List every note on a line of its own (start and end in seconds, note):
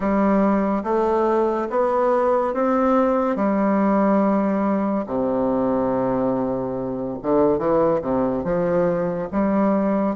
0.00 0.83 G3
0.83 1.67 A3
1.69 2.54 B3
2.54 3.36 C4
3.36 5.05 G3
5.06 7.17 C3
7.22 7.58 D3
7.58 8.00 E3
8.01 8.44 C3
8.44 9.28 F3
9.32 10.15 G3